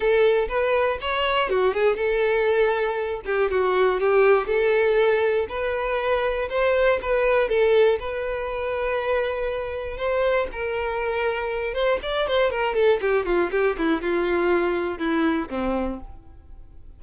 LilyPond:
\new Staff \with { instrumentName = "violin" } { \time 4/4 \tempo 4 = 120 a'4 b'4 cis''4 fis'8 gis'8 | a'2~ a'8 g'8 fis'4 | g'4 a'2 b'4~ | b'4 c''4 b'4 a'4 |
b'1 | c''4 ais'2~ ais'8 c''8 | d''8 c''8 ais'8 a'8 g'8 f'8 g'8 e'8 | f'2 e'4 c'4 | }